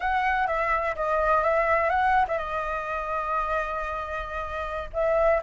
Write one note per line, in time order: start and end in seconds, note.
0.00 0.47 F#5
0.47 0.95 E5
0.95 1.43 D#5
1.43 1.89 E5
1.89 2.25 F#5
2.28 2.38 E5
2.38 4.90 D#5
4.93 5.41 E5